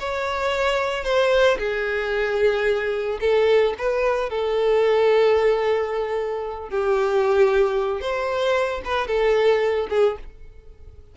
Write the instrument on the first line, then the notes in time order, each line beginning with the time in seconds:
violin
0.00 C#5
1.04 C5
1.58 G#4
3.21 A4
3.78 B4
4.30 A4
6.70 G4
8.01 C5
8.85 B4
9.08 A4
9.90 G#4